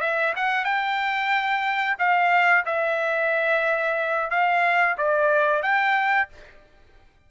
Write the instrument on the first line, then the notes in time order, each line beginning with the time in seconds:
trumpet
0.00 E5
0.36 F#5
0.64 G5
1.98 F5
2.65 E5
4.30 F5
4.97 D5
5.62 G5